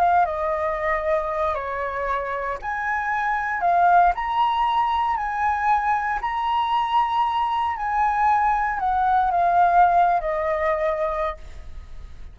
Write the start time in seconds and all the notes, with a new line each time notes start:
0.00 F5
0.26 D#5
1.55 C#5
2.62 G#5
3.61 F5
4.16 A#5
5.17 G#5
6.22 A#5
7.77 G#5
8.80 F#5
9.32 F5
10.21 D#5